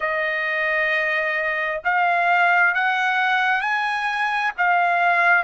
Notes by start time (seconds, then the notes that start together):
0.00 D#5
1.84 F5
2.74 F#5
3.61 G#5
4.57 F5